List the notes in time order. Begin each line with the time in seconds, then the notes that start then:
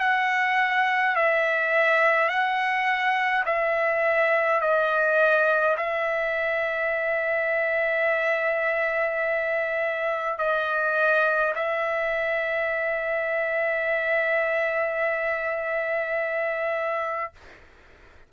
0.00 F#5
1.15 E5
2.29 F#5
3.46 E5
4.61 D#5
5.77 E5
10.38 D#5
11.55 E5